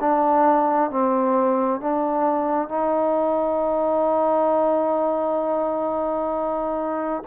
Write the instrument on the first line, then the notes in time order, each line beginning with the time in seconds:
trombone
0.00 D4
0.90 C4
1.81 D4
2.69 D#4